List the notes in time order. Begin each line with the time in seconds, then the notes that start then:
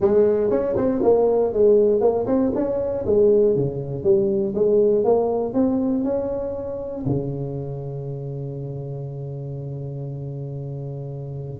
0.00 G#3
0.50 C#4
0.76 C4
1.02 A#3
1.53 G#3
2.00 A#3
2.26 C4
2.54 C#4
3.06 G#3
3.55 C#3
4.03 G3
4.54 G#3
5.04 A#3
5.53 C4
6.04 C#4
7.06 C#3